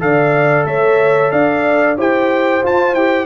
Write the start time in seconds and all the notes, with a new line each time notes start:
0.00 D3 A4 D5 F5
0.65 A3 C#5 E5
1.31 D4 D5 F5
1.97 E4 G4 C5 G5
2.63 F4 A5
2.93 E4 G4 G5